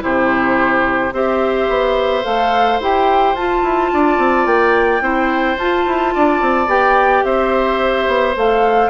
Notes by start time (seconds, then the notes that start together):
0.00 C3 E4 G4 C5
1.12 C4 G4 C5 E5
1.68 B3
2.23 A3 A4 F5
2.80 E4 G4 G5
3.34 F4 A5
3.62 E4
3.93 D4 D5
4.18 C4
4.46 A#3 G5
5.01 C4 E4 C5
5.58 F4 A5
5.86 E4
6.14 D4 D5
6.41 C4
6.67 B3 G4 G5
7.24 C4 C5 E5
8.07 B3
8.35 A3 A4 F5